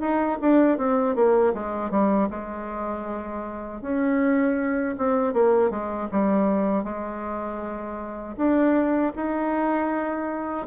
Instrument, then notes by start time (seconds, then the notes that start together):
bassoon
0.00 D#4
0.41 D4
0.78 C4
1.15 A#3
1.54 G#3
1.91 G3
2.30 G#3
3.81 C#4
4.97 C4
5.33 A#3
5.70 G#3
6.11 G3
6.84 G#3
8.36 D4
9.16 D#4